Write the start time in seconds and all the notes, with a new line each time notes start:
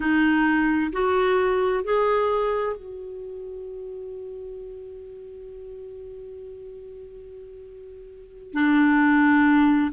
0.00 D#4
0.92 F#4
1.84 G#4
2.76 F#4
8.53 D4